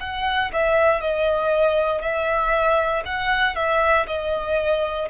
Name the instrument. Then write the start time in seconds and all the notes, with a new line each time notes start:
violin
0.00 F#5
0.53 E5
1.01 D#5
2.02 E5
3.06 F#5
3.55 E5
4.07 D#5